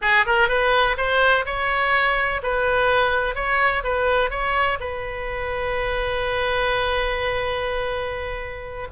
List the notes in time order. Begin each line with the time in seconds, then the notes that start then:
0.01 G#4
0.26 A#4
0.48 B4
0.97 C5
1.45 C#5
2.42 B4
3.35 C#5
3.83 B4
4.30 C#5
4.80 B4